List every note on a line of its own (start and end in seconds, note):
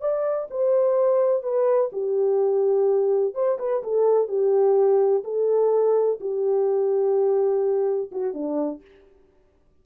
0.00 0.48 D5
0.50 1.42 C5
1.42 1.90 B4
1.92 3.34 G4
3.34 3.58 C5
3.59 3.82 B4
3.83 4.28 A4
4.28 5.23 G4
5.24 6.19 A4
6.20 8.10 G4
8.11 8.33 F#4
8.33 8.81 D4